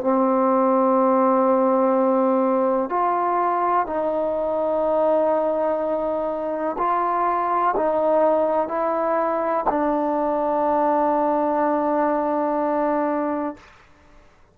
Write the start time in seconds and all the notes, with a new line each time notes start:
0.00 C4
2.89 F4
3.86 D#4
6.77 F4
7.76 D#4
8.67 E4
9.69 D4